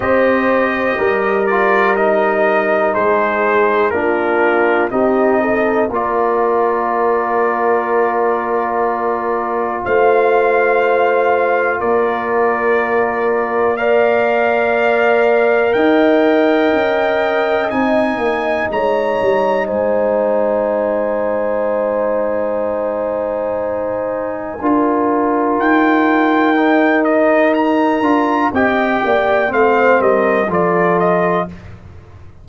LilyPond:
<<
  \new Staff \with { instrumentName = "trumpet" } { \time 4/4 \tempo 4 = 61 dis''4. d''8 dis''4 c''4 | ais'4 dis''4 d''2~ | d''2 f''2 | d''2 f''2 |
g''2 gis''4 ais''4 | gis''1~ | gis''2 g''4. dis''8 | ais''4 g''4 f''8 dis''8 d''8 dis''8 | }
  \new Staff \with { instrumentName = "horn" } { \time 4/4 c''4 ais'2 gis'4 | f'4 g'8 a'8 ais'2~ | ais'2 c''2 | ais'2 d''2 |
dis''2. cis''4 | c''1~ | c''4 ais'2.~ | ais'4 dis''8 d''8 c''8 ais'8 a'4 | }
  \new Staff \with { instrumentName = "trombone" } { \time 4/4 g'4. f'8 dis'2 | d'4 dis'4 f'2~ | f'1~ | f'2 ais'2~ |
ais'2 dis'2~ | dis'1~ | dis'4 f'2 dis'4~ | dis'8 f'8 g'4 c'4 f'4 | }
  \new Staff \with { instrumentName = "tuba" } { \time 4/4 c'4 g2 gis4 | ais4 c'4 ais2~ | ais2 a2 | ais1 |
dis'4 cis'4 c'8 ais8 gis8 g8 | gis1~ | gis4 d'4 dis'2~ | dis'8 d'8 c'8 ais8 a8 g8 f4 | }
>>